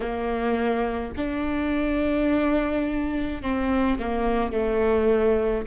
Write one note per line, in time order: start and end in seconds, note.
0.00 1.12 A#3
1.16 3.42 D4
3.42 3.98 C4
3.99 4.52 A#3
4.52 5.65 A3